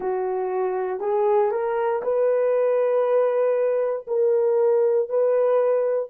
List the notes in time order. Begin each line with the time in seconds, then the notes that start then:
0.00 F#4
1.00 G#4
1.51 A#4
2.02 B4
4.07 A#4
5.08 B4